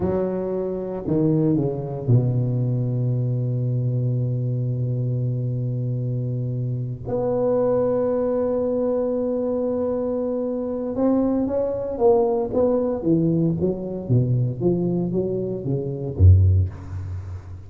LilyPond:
\new Staff \with { instrumentName = "tuba" } { \time 4/4 \tempo 4 = 115 fis2 dis4 cis4 | b,1~ | b,1~ | b,4. b2~ b8~ |
b1~ | b4 c'4 cis'4 ais4 | b4 e4 fis4 b,4 | f4 fis4 cis4 fis,4 | }